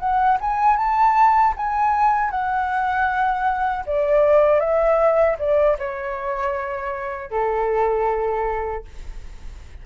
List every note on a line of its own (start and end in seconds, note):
0.00 0.38 F#5
0.41 0.77 G#5
0.77 1.54 A5
1.57 2.31 G#5
2.31 3.85 F#5
3.87 4.60 D5
4.60 5.37 E5
5.39 5.78 D5
5.79 7.31 C#5
7.31 8.85 A4